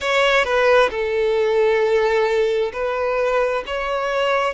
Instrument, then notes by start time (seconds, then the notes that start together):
violin
0.00 C#5
0.44 B4
0.90 A4
2.72 B4
3.66 C#5